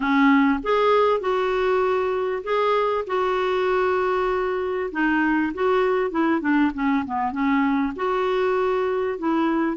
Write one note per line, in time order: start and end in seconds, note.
0.00 0.59 C#4
0.63 1.20 G#4
1.20 2.42 F#4
2.43 3.04 G#4
3.06 4.90 F#4
4.91 5.52 D#4
5.54 6.11 F#4
6.11 6.41 E4
6.41 6.71 D4
6.74 7.04 C#4
7.05 7.32 B3
7.32 7.93 C#4
7.96 9.18 F#4
9.18 9.77 E4